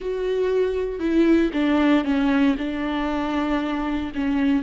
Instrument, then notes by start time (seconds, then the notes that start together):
viola
0.00 F#4
0.99 E4
1.53 D4
2.04 C#4
2.58 D4
4.14 C#4